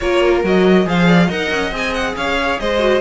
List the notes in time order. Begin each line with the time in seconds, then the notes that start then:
0.00 A#3 F4 A#4 C#5
0.43 F#3 F#4 D#5
0.84 F3 G#4 C5 F5
1.07 D5
1.27 D#4 A#4 D#5 F#5
1.50 C#4
1.71 C4 G#4 G#5
1.93 F#5
2.16 C#4 C#5 F5
2.59 G#3 C5 D#5
2.78 F#4